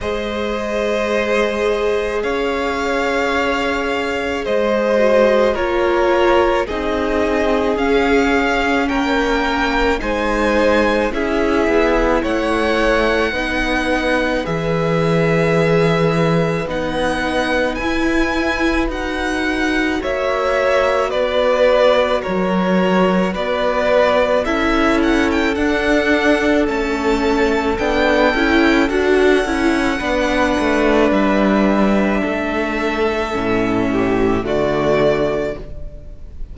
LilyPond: <<
  \new Staff \with { instrumentName = "violin" } { \time 4/4 \tempo 4 = 54 dis''2 f''2 | dis''4 cis''4 dis''4 f''4 | g''4 gis''4 e''4 fis''4~ | fis''4 e''2 fis''4 |
gis''4 fis''4 e''4 d''4 | cis''4 d''4 e''8 fis''16 g''16 fis''4 | a''4 g''4 fis''2 | e''2. d''4 | }
  \new Staff \with { instrumentName = "violin" } { \time 4/4 c''2 cis''2 | c''4 ais'4 gis'2 | ais'4 c''4 gis'4 cis''4 | b'1~ |
b'2 cis''4 b'4 | ais'4 b'4 a'2~ | a'2. b'4~ | b'4 a'4. g'8 fis'4 | }
  \new Staff \with { instrumentName = "viola" } { \time 4/4 gis'1~ | gis'8 fis'8 f'4 dis'4 cis'4~ | cis'4 dis'4 e'2 | dis'4 gis'2 dis'4 |
e'4 fis'2.~ | fis'2 e'4 d'4 | cis'4 d'8 e'8 fis'8 e'8 d'4~ | d'2 cis'4 a4 | }
  \new Staff \with { instrumentName = "cello" } { \time 4/4 gis2 cis'2 | gis4 ais4 c'4 cis'4 | ais4 gis4 cis'8 b8 a4 | b4 e2 b4 |
e'4 dis'4 ais4 b4 | fis4 b4 cis'4 d'4 | a4 b8 cis'8 d'8 cis'8 b8 a8 | g4 a4 a,4 d4 | }
>>